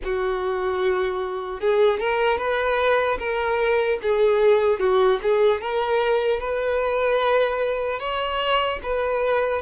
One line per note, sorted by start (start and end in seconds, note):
0.04 1.60 F#4
1.60 1.99 G#4
1.99 2.38 A#4
2.38 3.18 B4
3.18 3.98 A#4
4.02 4.79 G#4
4.79 5.19 F#4
5.22 5.61 G#4
5.61 6.40 A#4
6.40 7.99 B4
7.99 8.79 C#5
8.83 9.62 B4